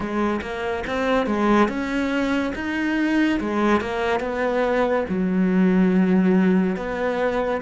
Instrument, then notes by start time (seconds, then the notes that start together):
cello
0.00 G#3
0.41 A#3
0.86 C4
1.26 G#3
1.68 C#4
2.55 D#4
3.40 G#3
3.80 A#3
4.20 B3
5.08 F#3
6.76 B3